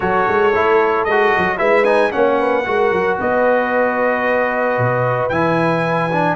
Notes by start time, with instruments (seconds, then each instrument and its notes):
0.00 tuba F#3, trombone F#4, horn A4, trumpet C#5
0.27 tuba G#3
0.54 tuba A3, trombone E4
1.04 tuba G#3, trumpet D#5
1.10 trombone F#4
1.37 tuba F#3
1.57 tuba G#3, trombone E4, horn B4, trumpet E5
1.84 trombone D#4, trumpet G#5
2.11 tuba A#3, trombone C#4, horn C#5, trumpet F#5
2.39 horn B4
2.65 tuba G#3, trombone F#4, horn A#4
2.91 tuba F#3
3.18 tuba B3, horn B4, trumpet D#5
4.78 tuba B2
5.29 tuba E3, trombone E4, trumpet G#5
6.11 trombone D4